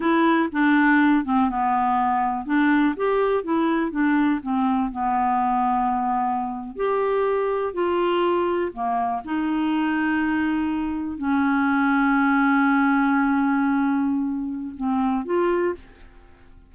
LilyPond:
\new Staff \with { instrumentName = "clarinet" } { \time 4/4 \tempo 4 = 122 e'4 d'4. c'8 b4~ | b4 d'4 g'4 e'4 | d'4 c'4 b2~ | b4.~ b16 g'2 f'16~ |
f'4.~ f'16 ais4 dis'4~ dis'16~ | dis'2~ dis'8. cis'4~ cis'16~ | cis'1~ | cis'2 c'4 f'4 | }